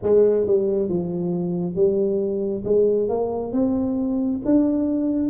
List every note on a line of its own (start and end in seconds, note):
0.02 0.46 G#3
0.46 0.88 G3
0.88 1.74 F3
1.74 2.63 G3
2.64 3.08 G#3
3.08 3.52 A#3
3.52 4.40 C4
4.45 5.29 D4